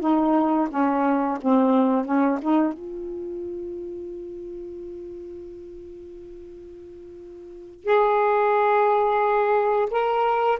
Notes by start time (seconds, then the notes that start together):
0.00 D#4
0.70 C#4
1.41 C4
2.05 C#4
2.41 D#4
2.73 F4
7.84 G#4
9.90 A#4